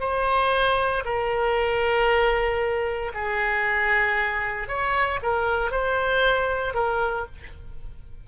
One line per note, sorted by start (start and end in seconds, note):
0.00 1.03 C5
1.05 3.12 A#4
3.14 4.68 G#4
4.68 5.20 C#5
5.22 5.72 A#4
5.72 6.74 C5
6.74 7.26 A#4